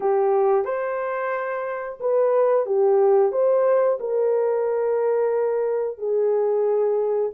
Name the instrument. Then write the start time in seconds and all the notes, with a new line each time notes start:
horn
0.00 G4
0.65 C5
2.00 B4
2.65 G4
3.32 C5
4.00 A#4
5.98 G#4